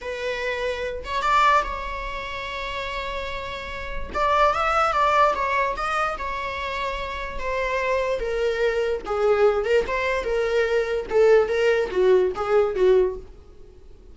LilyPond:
\new Staff \with { instrumentName = "viola" } { \time 4/4 \tempo 4 = 146 b'2~ b'8 cis''8 d''4 | cis''1~ | cis''2 d''4 e''4 | d''4 cis''4 dis''4 cis''4~ |
cis''2 c''2 | ais'2 gis'4. ais'8 | c''4 ais'2 a'4 | ais'4 fis'4 gis'4 fis'4 | }